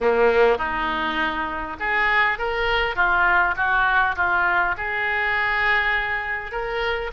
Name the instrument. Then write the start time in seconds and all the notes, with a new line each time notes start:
oboe
0.00 A#3
0.58 D#4
1.79 G#4
2.38 A#4
2.95 F4
3.56 F#4
4.16 F4
4.77 G#4
6.51 A#4